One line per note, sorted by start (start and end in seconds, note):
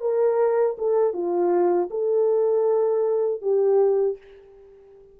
0.00 0.76 A#4
0.78 1.13 A4
1.13 1.89 F4
1.90 3.41 A4
3.41 4.17 G4